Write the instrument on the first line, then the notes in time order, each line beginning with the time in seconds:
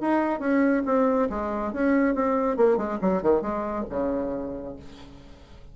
bassoon
0.00 D#4
0.39 C#4
0.85 C4
1.29 G#3
1.72 C#4
2.14 C4
2.56 A#3
2.77 G#3
3.01 F#3
3.22 D#3
3.41 G#3
3.89 C#3